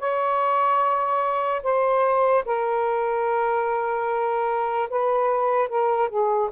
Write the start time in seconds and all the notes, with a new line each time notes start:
0.00 C#5
1.64 C5
2.46 A#4
4.90 B4
5.69 A#4
6.10 G#4